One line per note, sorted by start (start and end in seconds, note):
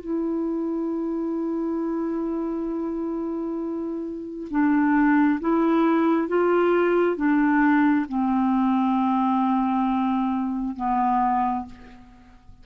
0.00 4.48 E4
4.50 5.39 D4
5.40 6.28 E4
6.28 7.16 F4
7.16 8.06 D4
8.08 10.76 C4
10.76 11.65 B3